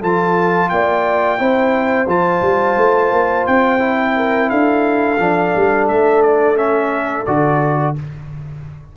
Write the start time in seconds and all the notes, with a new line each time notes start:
0.00 F3 F4 A4 A5
0.70 A#3 D5 G5
1.38 C4 E4 C5
2.07 F3 F4 A5
2.42 G3
2.77 A3
3.12 A#3
3.47 C4 G5
3.79 E4
4.17 A#4
4.50 D4 A4 F5
5.19 F3 D4
5.56 G3
5.88 A3 E5
6.23 D5
6.56 C#4 E5
7.26 D3 F#4 D5